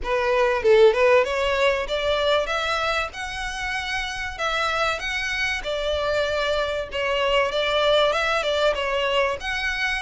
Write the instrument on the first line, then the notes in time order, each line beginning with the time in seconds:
violin
0.03 B4
0.62 A4
0.93 B4
1.24 C#5
1.88 D5
2.46 E5
3.13 F#5
4.38 E5
4.99 F#5
5.63 D5
6.92 C#5
7.51 D5
8.12 E5
8.42 D5
8.74 C#5
9.40 F#5